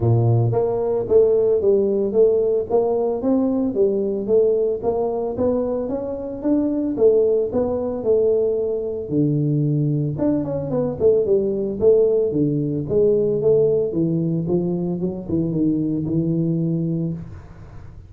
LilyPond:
\new Staff \with { instrumentName = "tuba" } { \time 4/4 \tempo 4 = 112 ais,4 ais4 a4 g4 | a4 ais4 c'4 g4 | a4 ais4 b4 cis'4 | d'4 a4 b4 a4~ |
a4 d2 d'8 cis'8 | b8 a8 g4 a4 d4 | gis4 a4 e4 f4 | fis8 e8 dis4 e2 | }